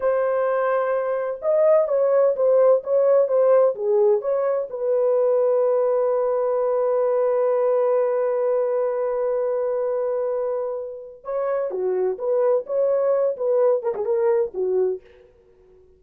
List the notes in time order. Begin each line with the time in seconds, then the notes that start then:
0.00 C5
1.42 D#5
1.88 C#5
2.35 C5
2.83 C#5
3.28 C5
3.75 G#4
4.21 C#5
4.70 B4
11.24 C#5
11.70 F#4
12.18 B4
12.66 C#5
13.36 B4
13.82 A#4
13.95 G#4
14.05 A#4
14.54 F#4